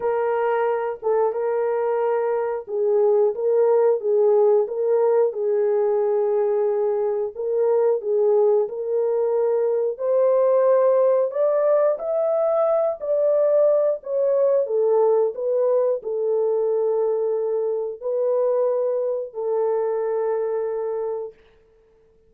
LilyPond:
\new Staff \with { instrumentName = "horn" } { \time 4/4 \tempo 4 = 90 ais'4. a'8 ais'2 | gis'4 ais'4 gis'4 ais'4 | gis'2. ais'4 | gis'4 ais'2 c''4~ |
c''4 d''4 e''4. d''8~ | d''4 cis''4 a'4 b'4 | a'2. b'4~ | b'4 a'2. | }